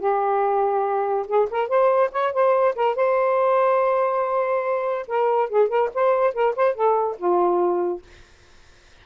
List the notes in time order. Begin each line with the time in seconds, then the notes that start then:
0.00 G4
1.27 G#4
1.51 A#4
1.68 C5
2.12 C#5
2.33 C5
2.76 A#4
2.96 C5
5.08 A#4
5.50 G#4
5.69 A#4
5.94 C5
6.34 A#4
6.56 C5
6.75 A4
7.18 F4